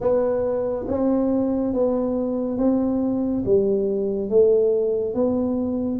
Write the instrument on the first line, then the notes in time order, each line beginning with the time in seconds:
tuba
0.00 B3
0.88 C4
1.73 B3
2.57 C4
3.45 G3
4.29 A3
5.14 B3